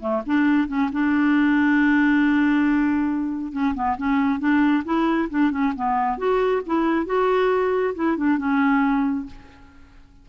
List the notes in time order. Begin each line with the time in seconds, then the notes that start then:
0.00 A3
0.26 D4
0.68 C#4
0.92 D4
3.52 C#4
3.75 B3
3.97 C#4
4.39 D4
4.85 E4
5.30 D4
5.51 C#4
5.76 B3
6.18 F#4
6.66 E4
7.06 F#4
7.95 E4
8.17 D4
8.38 C#4